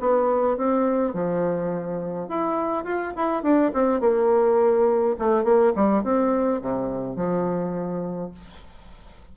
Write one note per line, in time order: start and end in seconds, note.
0.00 0.57 B3
0.57 1.14 C4
1.14 2.28 F3
2.28 2.85 E4
2.85 3.13 F4
3.16 3.42 E4
3.42 3.71 D4
3.73 4.00 C4
4.00 5.16 A#3
5.19 5.44 A3
5.44 5.73 A#3
5.75 6.03 G3
6.03 6.61 C4
6.61 7.16 C3
7.16 8.31 F3